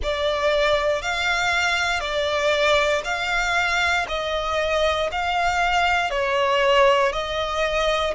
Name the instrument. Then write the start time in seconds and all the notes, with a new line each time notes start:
violin
0.02 D5
1.02 F5
2.00 D5
3.04 F5
4.08 D#5
5.11 F5
6.10 C#5
7.12 D#5